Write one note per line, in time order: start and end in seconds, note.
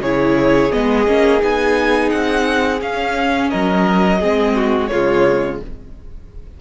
0.00 0.70 C#3
0.00 0.72 E4
0.00 3.50 G#4
0.00 0.72 C#5
0.72 1.07 G#3
0.72 1.07 B3
0.72 1.42 D#5
1.07 1.42 A#3
1.07 1.39 C#4
1.39 2.12 B3
1.39 2.79 D#4
1.39 2.10 G#5
2.10 2.81 C4
2.10 2.80 F#5
2.80 4.20 C#4
2.80 3.51 C#4
2.80 3.50 F5
3.50 4.23 F#3
3.50 4.20 A#4
3.50 4.87 D#5
4.20 4.91 G#3
4.20 4.91 C4
4.20 4.55 G#4
4.55 4.90 F#4
4.87 5.61 C#3
4.87 5.60 G#3
4.87 5.61 F4
4.87 5.57 C#5